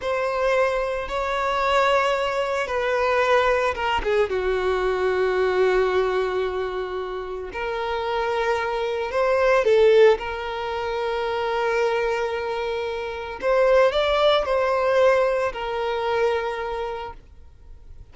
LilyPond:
\new Staff \with { instrumentName = "violin" } { \time 4/4 \tempo 4 = 112 c''2 cis''2~ | cis''4 b'2 ais'8 gis'8 | fis'1~ | fis'2 ais'2~ |
ais'4 c''4 a'4 ais'4~ | ais'1~ | ais'4 c''4 d''4 c''4~ | c''4 ais'2. | }